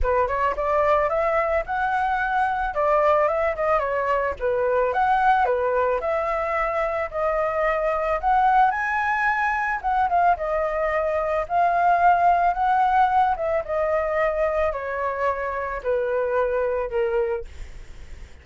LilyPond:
\new Staff \with { instrumentName = "flute" } { \time 4/4 \tempo 4 = 110 b'8 cis''8 d''4 e''4 fis''4~ | fis''4 d''4 e''8 dis''8 cis''4 | b'4 fis''4 b'4 e''4~ | e''4 dis''2 fis''4 |
gis''2 fis''8 f''8 dis''4~ | dis''4 f''2 fis''4~ | fis''8 e''8 dis''2 cis''4~ | cis''4 b'2 ais'4 | }